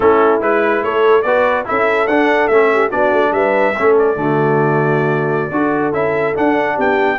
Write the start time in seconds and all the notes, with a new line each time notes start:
0.00 A3 C#4 E4 A4
0.40 G#3 E4 B4
0.82 A3 A4 C#5
1.22 B3 F#4 B4 D5
1.65 C#4 E4 A4 E5
2.06 D4 F#5
2.47 A3 C#4 E5
2.72 G4
2.89 B3 D4 F#4 D5
3.12 A3
3.31 G3 B4 E5
3.76 A3 C#4 A4
3.98 D5
4.15 D3 A3 F#4
5.51 D4 F#4 A4
5.92 C#4 E4 E5
6.34 D4 F#5
6.74 B3 G4 G5